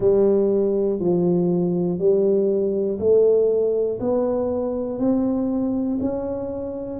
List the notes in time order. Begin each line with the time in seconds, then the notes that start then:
0.00 G3
0.99 F3
1.99 G3
2.99 A3
4.00 B3
4.99 C4
6.00 C#4